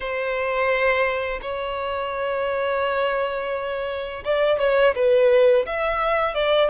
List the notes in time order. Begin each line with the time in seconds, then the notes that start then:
0.00 C5
1.41 C#5
4.24 D5
4.59 C#5
4.95 B4
5.66 E5
6.34 D5